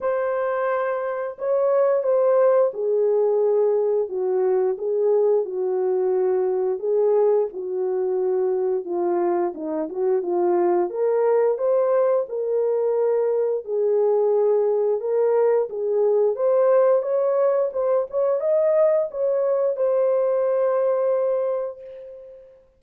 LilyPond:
\new Staff \with { instrumentName = "horn" } { \time 4/4 \tempo 4 = 88 c''2 cis''4 c''4 | gis'2 fis'4 gis'4 | fis'2 gis'4 fis'4~ | fis'4 f'4 dis'8 fis'8 f'4 |
ais'4 c''4 ais'2 | gis'2 ais'4 gis'4 | c''4 cis''4 c''8 cis''8 dis''4 | cis''4 c''2. | }